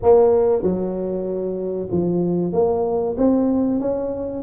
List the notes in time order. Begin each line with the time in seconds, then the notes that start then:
0.02 A#3
0.62 F#3
1.91 F3
2.53 A#3
3.17 C4
3.80 C#4